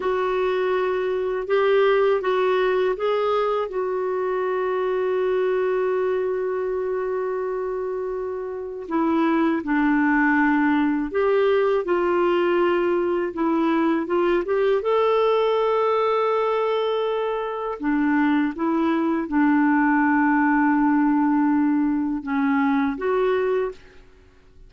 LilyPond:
\new Staff \with { instrumentName = "clarinet" } { \time 4/4 \tempo 4 = 81 fis'2 g'4 fis'4 | gis'4 fis'2.~ | fis'1 | e'4 d'2 g'4 |
f'2 e'4 f'8 g'8 | a'1 | d'4 e'4 d'2~ | d'2 cis'4 fis'4 | }